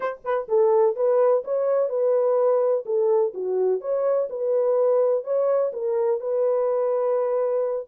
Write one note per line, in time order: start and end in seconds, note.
0.00 0.21 C5
0.24 0.48 B4
0.48 0.95 A4
0.95 1.43 B4
1.44 1.89 C#5
1.89 2.84 B4
2.85 3.33 A4
3.34 3.81 F#4
3.81 4.28 C#5
4.29 5.24 B4
5.24 5.71 C#5
5.73 6.20 A#4
6.20 7.87 B4